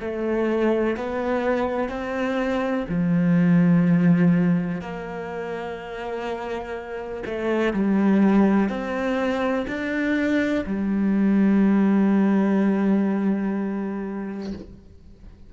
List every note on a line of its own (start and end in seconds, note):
0.00 0.96 A3
0.96 1.88 B3
1.88 2.85 C4
2.88 4.81 F3
4.81 7.23 A#3
7.26 7.73 A3
7.73 8.69 G3
8.69 9.66 C4
9.67 10.64 D4
10.66 14.53 G3